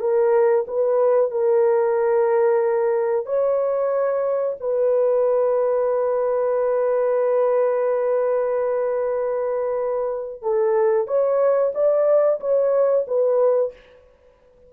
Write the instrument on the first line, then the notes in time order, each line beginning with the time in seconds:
horn
0.00 A#4
0.67 B4
1.31 A#4
3.25 C#5
4.60 B4
10.42 A4
11.07 C#5
11.75 D5
12.40 C#5
13.07 B4